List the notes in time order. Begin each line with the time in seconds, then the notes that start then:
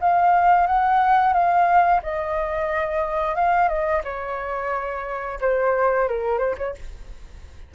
0.00 F5
0.66 F#5
1.33 F5
2.03 D#5
3.35 F5
3.68 D#5
4.04 C#5
5.41 C5
6.08 A#4
6.38 C5
6.57 C#5